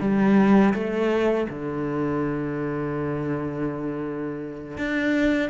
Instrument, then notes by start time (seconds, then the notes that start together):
cello
0.00 G3
0.74 A3
1.49 D3
4.77 D4